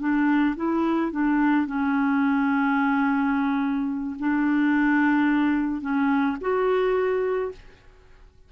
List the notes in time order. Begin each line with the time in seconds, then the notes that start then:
0.00 D4
0.57 E4
1.12 D4
1.67 C#4
4.19 D4
5.82 C#4
6.41 F#4